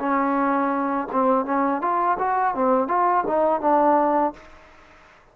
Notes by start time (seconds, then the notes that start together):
0.00 C#4
1.12 C4
1.46 C#4
1.82 F4
2.19 F#4
2.55 C4
2.88 F4
3.27 D#4
3.61 D4